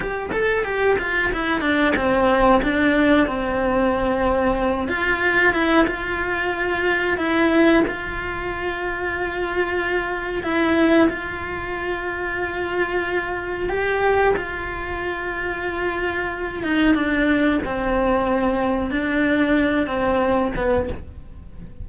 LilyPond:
\new Staff \with { instrumentName = "cello" } { \time 4/4 \tempo 4 = 92 g'8 a'8 g'8 f'8 e'8 d'8 c'4 | d'4 c'2~ c'8 f'8~ | f'8 e'8 f'2 e'4 | f'1 |
e'4 f'2.~ | f'4 g'4 f'2~ | f'4. dis'8 d'4 c'4~ | c'4 d'4. c'4 b8 | }